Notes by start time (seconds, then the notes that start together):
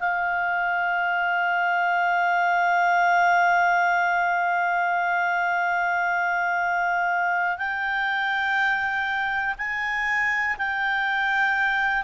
0.00 F5
7.58 G5
9.58 G#5
10.58 G5